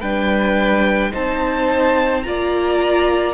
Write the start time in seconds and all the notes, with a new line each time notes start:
0.00 G3 D4 B4 G5
1.11 C4 D#4 C5 A5
2.22 A#3 F4 D5 A#5